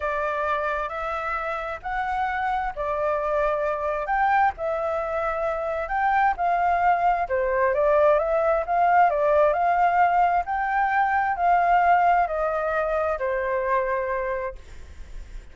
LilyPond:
\new Staff \with { instrumentName = "flute" } { \time 4/4 \tempo 4 = 132 d''2 e''2 | fis''2 d''2~ | d''4 g''4 e''2~ | e''4 g''4 f''2 |
c''4 d''4 e''4 f''4 | d''4 f''2 g''4~ | g''4 f''2 dis''4~ | dis''4 c''2. | }